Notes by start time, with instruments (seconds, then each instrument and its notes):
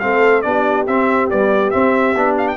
0.00 tuba A3, trombone C4, horn A4, trumpet F5
0.42 tuba B3, trombone D4, horn G4, trumpet D5
0.87 tuba C4, trombone C4, trumpet E5
1.30 trombone G3, tuba B3, trumpet D5
1.71 trombone C4, tuba C4, trumpet E5
2.16 tuba B3, trombone D4
2.38 trumpet F5
2.48 trumpet G5